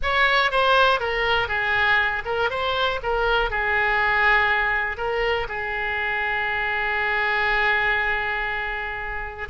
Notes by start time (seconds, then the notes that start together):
0.02 C#5
0.51 C5
1.00 A#4
1.47 G#4
2.25 A#4
2.50 C5
3.02 A#4
3.50 G#4
4.97 A#4
5.48 G#4